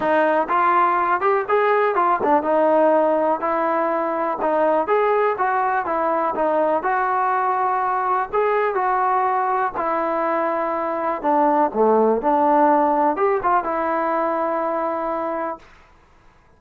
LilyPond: \new Staff \with { instrumentName = "trombone" } { \time 4/4 \tempo 4 = 123 dis'4 f'4. g'8 gis'4 | f'8 d'8 dis'2 e'4~ | e'4 dis'4 gis'4 fis'4 | e'4 dis'4 fis'2~ |
fis'4 gis'4 fis'2 | e'2. d'4 | a4 d'2 g'8 f'8 | e'1 | }